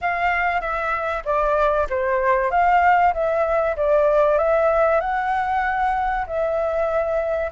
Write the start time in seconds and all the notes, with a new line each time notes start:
0.01 F5
0.60 E5
1.24 D5
1.89 C5
2.50 F5
3.13 E5
3.76 D5
4.38 E5
5.00 F#5
6.26 E5